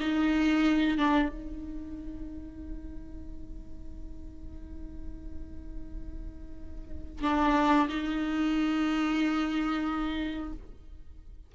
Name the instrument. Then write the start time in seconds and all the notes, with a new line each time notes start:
viola
0.00 D#4
0.98 D4
1.29 D#4
7.23 D4
7.89 D#4